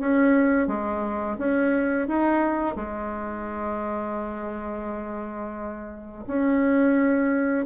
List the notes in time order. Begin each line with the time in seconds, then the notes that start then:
0.00 C#4
0.68 G#3
1.38 C#4
2.08 D#4
2.76 G#3
6.27 C#4